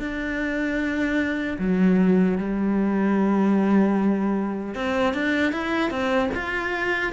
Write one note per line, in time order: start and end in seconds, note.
0.00 1.58 D4
1.59 2.38 F#3
2.38 4.75 G3
4.75 5.14 C4
5.14 5.53 D4
5.53 5.91 E4
5.91 6.31 C4
6.35 7.13 F4